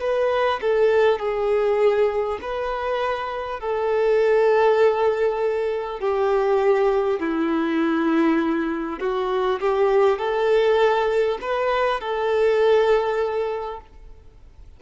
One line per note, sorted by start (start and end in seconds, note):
0.00 0.60 B4
0.61 1.19 A4
1.19 2.39 G#4
2.42 3.60 B4
3.60 6.00 A4
6.00 7.19 G4
7.19 8.99 E4
8.99 9.59 F#4
9.61 10.18 G4
10.18 11.38 A4
11.41 12.01 B4
12.01 13.81 A4